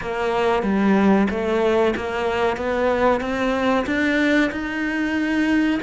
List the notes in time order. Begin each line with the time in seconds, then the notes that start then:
0.01 A#3
0.62 G3
1.30 A3
1.96 A#3
2.56 B3
3.21 C4
3.86 D4
4.51 D#4